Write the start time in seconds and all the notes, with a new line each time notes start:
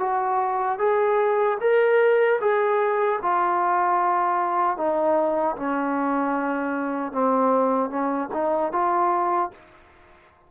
0.00 F#4
0.79 G#4
1.61 A#4
2.41 G#4
3.23 F4
4.78 D#4
5.57 C#4
7.13 C4
7.90 C#4
8.34 D#4
8.73 F4